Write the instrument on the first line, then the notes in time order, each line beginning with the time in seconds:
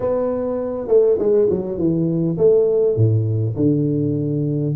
tuba
0.00 B3
0.87 A3
1.19 G#3
1.50 F#3
1.77 E3
2.37 A3
2.96 A2
3.55 D3